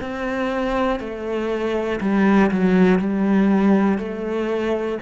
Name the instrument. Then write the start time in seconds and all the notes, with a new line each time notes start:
cello
0.00 C4
1.00 A3
2.00 G3
2.51 F#3
2.99 G3
3.98 A3